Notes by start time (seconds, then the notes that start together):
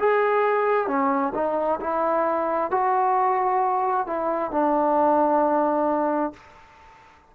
0.00 G#4
0.88 C#4
1.35 D#4
1.81 E4
2.71 F#4
4.07 E4
4.52 D4